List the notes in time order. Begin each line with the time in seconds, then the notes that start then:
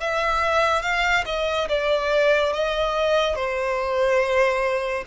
0.00 E5
0.82 F5
1.26 D#5
1.68 D5
2.53 D#5
3.35 C5